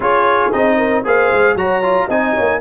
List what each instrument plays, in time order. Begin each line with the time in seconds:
0.00 tuba C#4, trombone F4, horn G#4, trumpet C#5
0.52 tuba C4, trombone D#4, trumpet D#5
0.77 horn A#4
1.04 tuba A#3, trombone G#4, horn C5, trumpet F5
1.32 tuba G#3
1.54 tuba F#3, trombone F#4, horn C#5, trumpet A#5
1.82 trombone F4
2.06 tuba C4, trombone D#4, horn D#5, trumpet G#5
2.34 tuba A#3, horn C#5